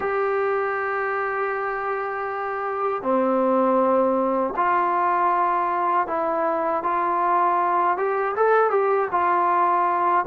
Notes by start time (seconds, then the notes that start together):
0.00 G4
3.02 C4
4.56 F4
6.07 E4
6.83 F4
7.97 G4
8.36 A4
8.70 G4
9.11 F4